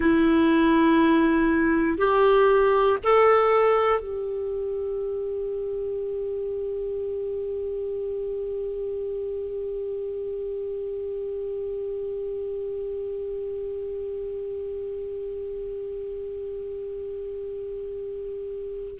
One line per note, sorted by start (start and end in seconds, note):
0.00 1.98 E4
1.98 2.98 G4
3.03 4.00 A4
4.00 18.99 G4